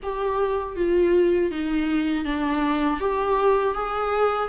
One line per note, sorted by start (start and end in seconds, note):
0.02 0.76 G4
0.76 1.51 F4
1.51 2.25 D#4
2.25 3.00 D4
3.00 3.74 G4
3.74 4.49 G#4